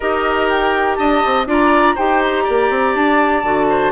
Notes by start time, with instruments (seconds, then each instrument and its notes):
0.00 bassoon D#4, clarinet G4, oboe A#4, flute D#5
0.49 flute G5
0.95 bassoon D4, oboe D#5, flute A5
1.25 bassoon C4
1.46 bassoon D4, clarinet F4, oboe D5, flute A#5
1.95 bassoon D#4, clarinet G4, oboe C5, flute G5
2.22 flute A#5
2.44 bassoon A#3, oboe D5
2.70 bassoon C4
2.94 bassoon D4, flute A5
3.43 bassoon D3, clarinet F#4
3.69 oboe C5